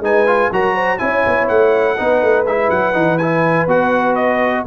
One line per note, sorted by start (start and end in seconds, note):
0.00 0.49 G#3
0.00 0.27 D#4
0.00 0.52 B4
0.00 0.53 G#5
0.27 0.51 F4
0.52 1.00 F#3
0.52 0.99 F#4
0.52 0.74 A#4
0.52 0.98 A#5
0.74 0.99 C5
0.98 1.25 C#4
0.98 1.96 E4
0.98 1.97 C#5
0.98 1.47 G#5
1.27 1.50 B3
1.48 1.99 A3
1.48 2.46 F#5
1.97 2.22 B3
1.97 2.46 D#4
1.97 4.66 B4
2.22 2.45 A3
2.45 2.70 G#3
2.45 2.93 E4
2.45 2.70 E5
2.70 2.94 F#3
2.70 3.18 F#5
2.93 3.67 E3
2.93 3.18 D#4
3.18 3.68 E4
3.18 3.67 G#5
3.67 4.65 B3
3.67 4.66 F#4
3.67 4.15 F#5
4.15 4.64 D#5